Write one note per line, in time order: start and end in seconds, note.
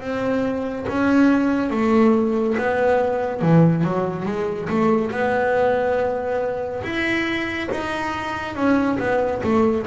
0.00 0.86 C4
0.88 1.70 C#4
1.70 2.56 A3
2.58 3.41 B3
3.41 3.84 E3
3.84 4.25 F#3
4.25 4.68 G#3
4.69 5.11 A3
5.11 6.83 B3
6.83 7.69 E4
7.71 8.55 D#4
8.55 8.98 C#4
8.99 9.42 B3
9.43 9.86 A3